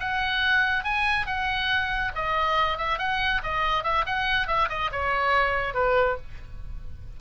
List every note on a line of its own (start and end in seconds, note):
0.00 0.84 F#5
0.84 1.26 G#5
1.26 2.12 F#5
2.15 2.78 D#5
2.78 2.99 E5
2.99 3.41 F#5
3.43 3.84 D#5
3.84 4.05 E5
4.06 4.47 F#5
4.47 4.69 E5
4.69 4.91 D#5
4.92 5.74 C#5
5.74 6.17 B4